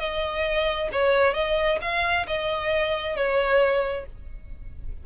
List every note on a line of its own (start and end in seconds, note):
0.00 0.90 D#5
0.93 1.34 C#5
1.34 1.79 D#5
1.82 2.27 F5
2.28 3.16 D#5
3.16 4.06 C#5